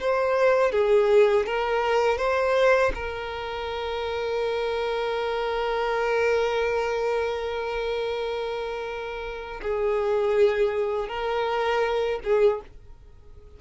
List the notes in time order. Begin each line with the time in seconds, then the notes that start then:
0.00 C5
0.72 G#4
1.46 A#4
2.18 C5
2.94 A#4
9.62 G#4
11.08 A#4
12.24 G#4